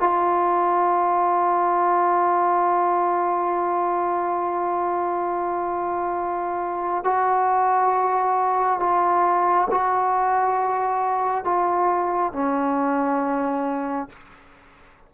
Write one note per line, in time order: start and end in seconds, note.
0.00 7.04 F4
7.04 8.80 F#4
8.80 9.68 F4
9.71 11.45 F#4
11.45 12.33 F4
12.33 14.09 C#4